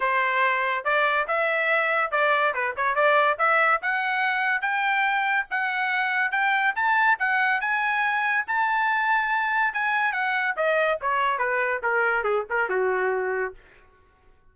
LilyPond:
\new Staff \with { instrumentName = "trumpet" } { \time 4/4 \tempo 4 = 142 c''2 d''4 e''4~ | e''4 d''4 b'8 cis''8 d''4 | e''4 fis''2 g''4~ | g''4 fis''2 g''4 |
a''4 fis''4 gis''2 | a''2. gis''4 | fis''4 dis''4 cis''4 b'4 | ais'4 gis'8 ais'8 fis'2 | }